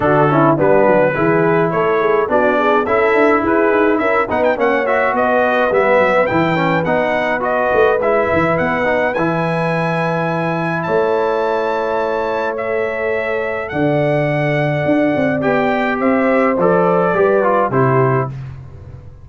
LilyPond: <<
  \new Staff \with { instrumentName = "trumpet" } { \time 4/4 \tempo 4 = 105 a'4 b'2 cis''4 | d''4 e''4 b'4 e''8 fis''16 g''16 | fis''8 e''8 dis''4 e''4 g''4 | fis''4 dis''4 e''4 fis''4 |
gis''2. a''4~ | a''2 e''2 | fis''2. g''4 | e''4 d''2 c''4 | }
  \new Staff \with { instrumentName = "horn" } { \time 4/4 fis'8 e'8 d'4 gis'4 a'8 gis'8 | fis'8 gis'8 a'4 gis'4 ais'8 b'8 | cis''4 b'2.~ | b'1~ |
b'2. cis''4~ | cis''1 | d''1 | c''2 b'4 g'4 | }
  \new Staff \with { instrumentName = "trombone" } { \time 4/4 d'8 cis'8 b4 e'2 | d'4 e'2~ e'8 dis'8 | cis'8 fis'4. b4 e'8 cis'8 | dis'4 fis'4 e'4. dis'8 |
e'1~ | e'2 a'2~ | a'2. g'4~ | g'4 a'4 g'8 f'8 e'4 | }
  \new Staff \with { instrumentName = "tuba" } { \time 4/4 d4 g8 fis8 e4 a4 | b4 cis'8 d'8 e'8 dis'8 cis'8 b8 | ais4 b4 g8 fis8 e4 | b4. a8 gis8 e8 b4 |
e2. a4~ | a1 | d2 d'8 c'8 b4 | c'4 f4 g4 c4 | }
>>